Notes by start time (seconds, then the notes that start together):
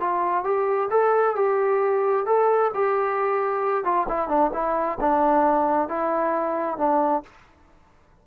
0.00 F4
0.44 G4
0.90 A4
1.36 G4
2.26 A4
2.74 G4
3.84 F4
4.08 E4
4.28 D4
4.53 E4
5.01 D4
5.89 E4
6.78 D4